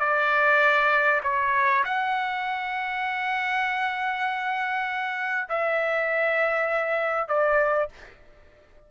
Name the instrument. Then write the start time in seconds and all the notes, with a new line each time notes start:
trumpet
0.00 D5
1.23 C#5
1.85 F#5
5.49 E5
7.28 D5